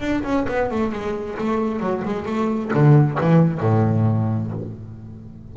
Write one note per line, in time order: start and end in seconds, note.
0.00 0.23 D4
0.23 0.46 C#4
0.48 0.70 B3
0.70 0.92 A3
0.92 1.38 G#3
1.38 1.80 A3
1.80 2.02 F#3
2.05 2.26 G#3
2.26 2.71 A3
2.74 3.19 D3
3.20 3.61 E3
3.61 4.51 A2